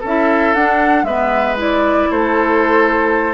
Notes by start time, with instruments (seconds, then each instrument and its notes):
0.00 bassoon C#4, oboe A4
0.06 clarinet E4, flute E5
0.54 bassoon D4, clarinet D4, flute F#5
1.03 bassoon G#3, clarinet B3, oboe B4, flute E5
1.57 clarinet E4, flute D5
2.10 bassoon A3, oboe A4, flute C5